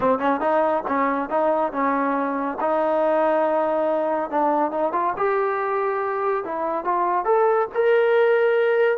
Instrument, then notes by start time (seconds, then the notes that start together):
trombone
0.00 C4
0.19 C#4
0.40 D#4
0.87 C#4
1.29 D#4
1.72 C#4
2.60 D#4
4.30 D4
4.71 D#4
4.92 F4
5.16 G4
6.44 E4
6.84 F4
7.24 A4
7.74 A#4